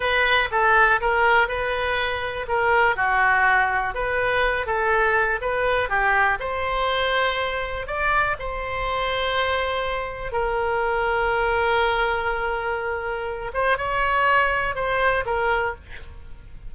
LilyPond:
\new Staff \with { instrumentName = "oboe" } { \time 4/4 \tempo 4 = 122 b'4 a'4 ais'4 b'4~ | b'4 ais'4 fis'2 | b'4. a'4. b'4 | g'4 c''2. |
d''4 c''2.~ | c''4 ais'2.~ | ais'2.~ ais'8 c''8 | cis''2 c''4 ais'4 | }